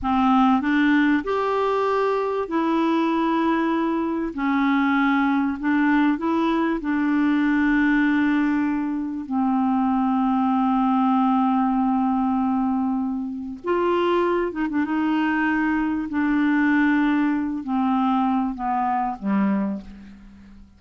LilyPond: \new Staff \with { instrumentName = "clarinet" } { \time 4/4 \tempo 4 = 97 c'4 d'4 g'2 | e'2. cis'4~ | cis'4 d'4 e'4 d'4~ | d'2. c'4~ |
c'1~ | c'2 f'4. dis'16 d'16 | dis'2 d'2~ | d'8 c'4. b4 g4 | }